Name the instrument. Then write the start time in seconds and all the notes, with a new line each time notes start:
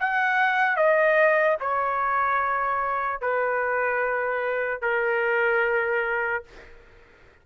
trumpet
0.00 F#5
0.76 D#5
1.60 C#5
3.21 B4
4.81 A#4